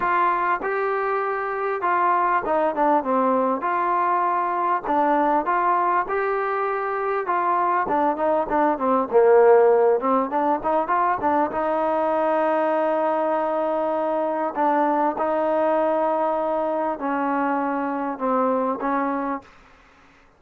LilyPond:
\new Staff \with { instrumentName = "trombone" } { \time 4/4 \tempo 4 = 99 f'4 g'2 f'4 | dis'8 d'8 c'4 f'2 | d'4 f'4 g'2 | f'4 d'8 dis'8 d'8 c'8 ais4~ |
ais8 c'8 d'8 dis'8 f'8 d'8 dis'4~ | dis'1 | d'4 dis'2. | cis'2 c'4 cis'4 | }